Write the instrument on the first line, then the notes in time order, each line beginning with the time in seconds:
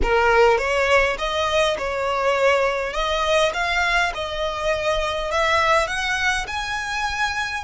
violin
0.02 A#4
0.58 C#5
1.18 D#5
1.78 C#5
2.93 D#5
3.53 F5
4.14 D#5
5.31 E5
5.87 F#5
6.47 G#5